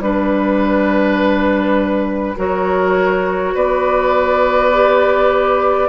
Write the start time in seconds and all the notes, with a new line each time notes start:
0.00 G3 D4 B4
2.37 F#3 F#4 A#4 C#5
3.55 B3 B4 D5
4.73 G4